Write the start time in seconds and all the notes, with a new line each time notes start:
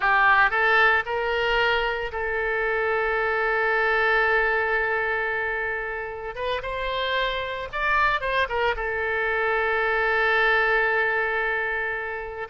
0.00 G4
0.50 A4
1.05 A#4
2.11 A4
6.35 B4
6.62 C5
7.72 D5
8.20 C5
8.48 A#4
8.76 A4